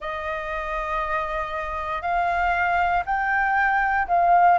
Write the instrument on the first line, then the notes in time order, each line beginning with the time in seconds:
flute
0.00 D#5
2.02 F5
3.05 G5
4.07 F5